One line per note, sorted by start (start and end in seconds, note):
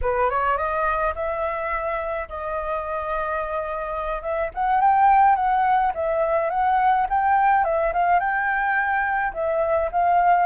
0.01 0.30 B4
0.30 0.57 C#5
0.57 1.13 D#5
1.15 2.28 E5
2.28 4.21 D#5
4.21 4.50 E5
4.54 4.81 F#5
4.81 5.35 G5
5.35 5.92 F#5
5.94 6.50 E5
6.50 7.06 F#5
7.09 7.64 G5
7.64 7.92 E5
7.93 8.19 F5
8.19 9.32 G5
9.33 9.90 E5
9.91 10.46 F5